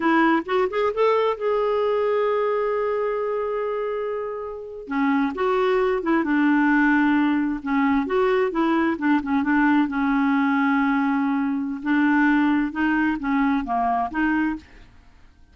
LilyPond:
\new Staff \with { instrumentName = "clarinet" } { \time 4/4 \tempo 4 = 132 e'4 fis'8 gis'8 a'4 gis'4~ | gis'1~ | gis'2~ gis'8. cis'4 fis'16~ | fis'4~ fis'16 e'8 d'2~ d'16~ |
d'8. cis'4 fis'4 e'4 d'16~ | d'16 cis'8 d'4 cis'2~ cis'16~ | cis'2 d'2 | dis'4 cis'4 ais4 dis'4 | }